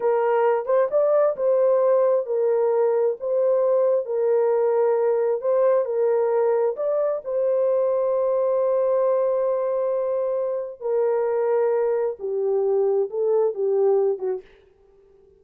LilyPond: \new Staff \with { instrumentName = "horn" } { \time 4/4 \tempo 4 = 133 ais'4. c''8 d''4 c''4~ | c''4 ais'2 c''4~ | c''4 ais'2. | c''4 ais'2 d''4 |
c''1~ | c''1 | ais'2. g'4~ | g'4 a'4 g'4. fis'8 | }